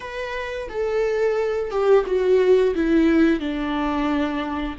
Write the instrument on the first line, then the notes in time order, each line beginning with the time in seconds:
viola
0.00 B4
0.68 A4
1.70 G4
2.06 F#4
2.75 E4
3.40 D4